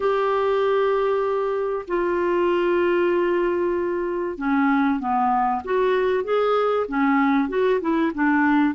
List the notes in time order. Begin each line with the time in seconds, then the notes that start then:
0.00 G4
1.87 F4
4.37 C#4
4.99 B3
5.64 F#4
6.23 G#4
6.88 C#4
7.49 F#4
7.80 E4
8.14 D4